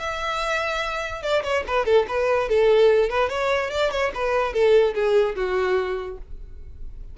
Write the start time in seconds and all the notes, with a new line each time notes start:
0.00 E5
1.23 D5
1.44 C#5
1.68 B4
1.86 A4
2.08 B4
2.49 A4
3.10 B4
3.30 C#5
3.71 D5
3.92 C#5
4.15 B4
4.54 A4
4.95 G#4
5.36 F#4